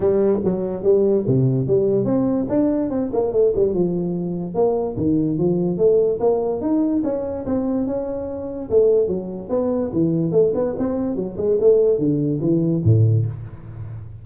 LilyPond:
\new Staff \with { instrumentName = "tuba" } { \time 4/4 \tempo 4 = 145 g4 fis4 g4 c4 | g4 c'4 d'4 c'8 ais8 | a8 g8 f2 ais4 | dis4 f4 a4 ais4 |
dis'4 cis'4 c'4 cis'4~ | cis'4 a4 fis4 b4 | e4 a8 b8 c'4 fis8 gis8 | a4 d4 e4 a,4 | }